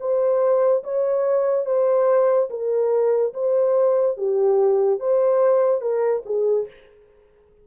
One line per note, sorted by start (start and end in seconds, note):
0.00 0.83 C5
0.84 1.66 C#5
1.66 2.49 C5
2.50 3.33 A#4
3.34 4.17 C5
4.17 5.00 G4
5.00 5.81 C5
5.81 6.23 A#4
6.25 6.67 G#4